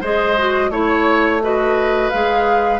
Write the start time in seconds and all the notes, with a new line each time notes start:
0.00 G#3 G#4 C5 D#5
0.37 F#4
0.69 A3 E4 C#5
1.42 F#4 B4 D#5
2.10 G#3 G#4 F5